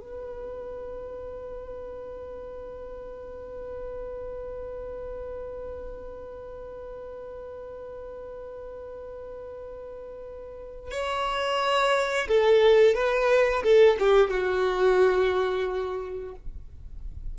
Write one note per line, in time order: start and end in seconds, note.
0.00 10.91 B4
10.91 12.28 C#5
12.28 12.95 A4
12.95 13.63 B4
13.63 13.97 A4
13.99 14.30 G4
14.30 16.35 F#4